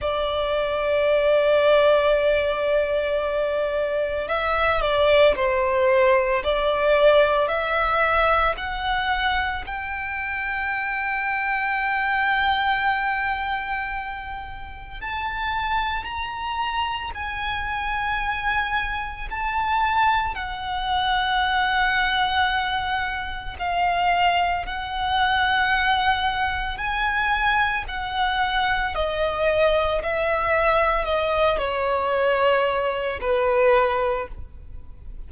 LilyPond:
\new Staff \with { instrumentName = "violin" } { \time 4/4 \tempo 4 = 56 d''1 | e''8 d''8 c''4 d''4 e''4 | fis''4 g''2.~ | g''2 a''4 ais''4 |
gis''2 a''4 fis''4~ | fis''2 f''4 fis''4~ | fis''4 gis''4 fis''4 dis''4 | e''4 dis''8 cis''4. b'4 | }